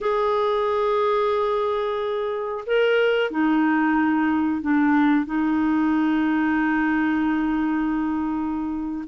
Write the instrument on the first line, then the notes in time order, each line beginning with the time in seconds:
clarinet
0.00 G#4
2.66 A#4
3.30 D#4
4.61 D4
5.25 D#4